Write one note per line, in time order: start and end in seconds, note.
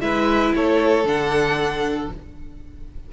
0.00 0.53 G#3
0.00 1.04 E4
0.00 0.55 B4
0.00 0.52 E5
0.54 1.04 A3
0.54 2.12 A4
0.54 1.07 C#5
1.04 2.08 D3
1.04 2.10 D4
1.04 2.11 F#5